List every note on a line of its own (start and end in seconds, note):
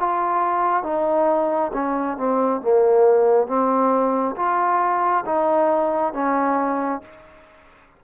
0.00 0.84 F4
0.84 1.72 D#4
1.73 2.17 C#4
2.17 2.61 C4
2.61 3.47 A#3
3.47 4.36 C4
4.36 5.25 F4
5.26 6.14 D#4
6.14 7.02 C#4